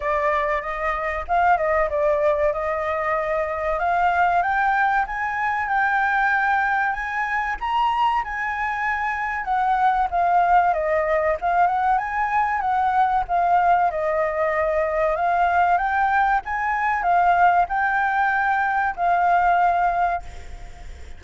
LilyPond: \new Staff \with { instrumentName = "flute" } { \time 4/4 \tempo 4 = 95 d''4 dis''4 f''8 dis''8 d''4 | dis''2 f''4 g''4 | gis''4 g''2 gis''4 | ais''4 gis''2 fis''4 |
f''4 dis''4 f''8 fis''8 gis''4 | fis''4 f''4 dis''2 | f''4 g''4 gis''4 f''4 | g''2 f''2 | }